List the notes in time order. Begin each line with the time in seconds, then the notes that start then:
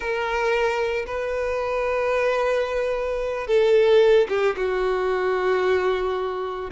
0.00 A#4
1.06 B4
3.47 A4
4.28 G4
4.56 F#4